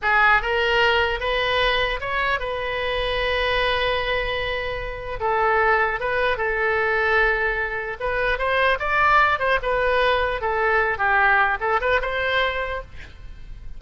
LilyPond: \new Staff \with { instrumentName = "oboe" } { \time 4/4 \tempo 4 = 150 gis'4 ais'2 b'4~ | b'4 cis''4 b'2~ | b'1~ | b'4 a'2 b'4 |
a'1 | b'4 c''4 d''4. c''8 | b'2 a'4. g'8~ | g'4 a'8 b'8 c''2 | }